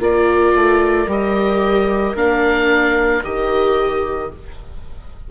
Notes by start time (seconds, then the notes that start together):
0.00 A#3 F4 A#4 D5
0.55 A3
1.07 G3 G4 D#5
2.16 A#3 D4 F5
3.24 D#3 G4 D#5